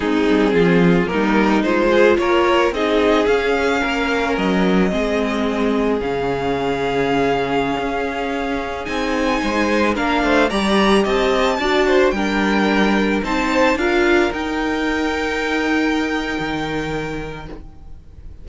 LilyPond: <<
  \new Staff \with { instrumentName = "violin" } { \time 4/4 \tempo 4 = 110 gis'2 ais'4 c''4 | cis''4 dis''4 f''2 | dis''2. f''4~ | f''1~ |
f''16 gis''2 f''4 ais''8.~ | ais''16 a''2 g''4.~ g''16~ | g''16 a''4 f''4 g''4.~ g''16~ | g''1 | }
  \new Staff \with { instrumentName = "violin" } { \time 4/4 dis'4 f'4 dis'4. gis'8 | ais'4 gis'2 ais'4~ | ais'4 gis'2.~ | gis'1~ |
gis'4~ gis'16 c''4 ais'8 c''8 d''8.~ | d''16 dis''4 d''8 c''8 ais'4.~ ais'16~ | ais'16 c''4 ais'2~ ais'8.~ | ais'1 | }
  \new Staff \with { instrumentName = "viola" } { \time 4/4 c'2 ais4 f'4~ | f'4 dis'4 cis'2~ | cis'4 c'2 cis'4~ | cis'1~ |
cis'16 dis'2 d'4 g'8.~ | g'4~ g'16 fis'4 d'4.~ d'16~ | d'16 dis'4 f'4 dis'4.~ dis'16~ | dis'1 | }
  \new Staff \with { instrumentName = "cello" } { \time 4/4 gis8 g8 f4 g4 gis4 | ais4 c'4 cis'4 ais4 | fis4 gis2 cis4~ | cis2~ cis16 cis'4.~ cis'16~ |
cis'16 c'4 gis4 ais8 a8 g8.~ | g16 c'4 d'4 g4.~ g16~ | g16 c'4 d'4 dis'4.~ dis'16~ | dis'2 dis2 | }
>>